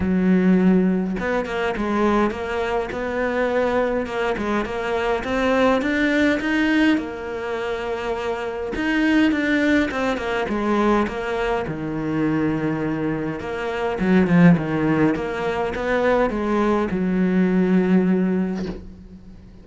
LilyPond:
\new Staff \with { instrumentName = "cello" } { \time 4/4 \tempo 4 = 103 fis2 b8 ais8 gis4 | ais4 b2 ais8 gis8 | ais4 c'4 d'4 dis'4 | ais2. dis'4 |
d'4 c'8 ais8 gis4 ais4 | dis2. ais4 | fis8 f8 dis4 ais4 b4 | gis4 fis2. | }